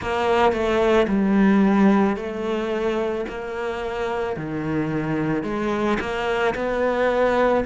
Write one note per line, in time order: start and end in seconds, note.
0.01 0.52 A#3
0.52 1.06 A3
1.07 2.16 G3
2.16 3.25 A3
3.28 4.36 A#3
4.36 5.43 D#3
5.43 5.98 G#3
6.00 6.54 A#3
6.55 7.64 B3